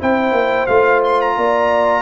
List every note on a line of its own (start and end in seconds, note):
0.00 0.32 C4
0.00 0.68 E4
0.00 1.36 C5
0.00 0.67 G5
0.32 0.66 A#3
0.67 1.37 A3
0.67 2.03 F4
0.67 1.01 F5
1.04 1.21 C6
1.21 2.03 A#5
1.37 2.03 A#3
1.37 2.03 D5